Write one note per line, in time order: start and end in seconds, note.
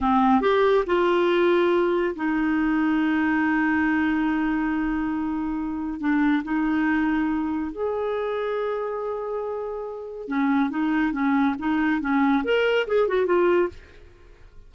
0.00 0.41 C4
0.41 0.84 G4
0.86 2.15 F4
2.15 6.00 D#4
6.00 6.43 D4
6.43 7.71 D#4
7.71 10.28 G#4
10.28 10.69 C#4
10.69 11.12 D#4
11.12 11.55 C#4
11.58 12.00 D#4
12.00 12.43 C#4
12.44 12.86 A#4
12.87 13.08 G#4
13.08 13.25 F#4
13.25 13.68 F4